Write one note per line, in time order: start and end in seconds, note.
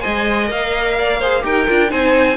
0.00 0.46 C5
0.00 0.97 D#5
0.00 0.48 G#5
0.07 0.51 G#3
0.46 1.44 A#3
0.46 1.17 A#4
0.46 1.45 F5
0.99 1.19 D5
1.19 1.42 G#4
1.19 1.43 C5
1.42 1.67 D#4
1.42 1.65 G4
1.42 1.91 A#4
1.42 1.91 G5
1.69 1.92 D4
1.69 1.88 F4
1.88 2.37 C4
1.88 2.35 D#4
1.88 2.37 C5
1.88 2.37 G#5